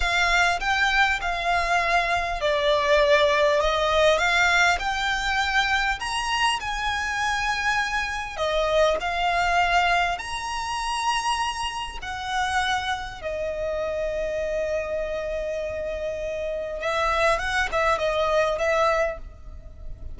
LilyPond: \new Staff \with { instrumentName = "violin" } { \time 4/4 \tempo 4 = 100 f''4 g''4 f''2 | d''2 dis''4 f''4 | g''2 ais''4 gis''4~ | gis''2 dis''4 f''4~ |
f''4 ais''2. | fis''2 dis''2~ | dis''1 | e''4 fis''8 e''8 dis''4 e''4 | }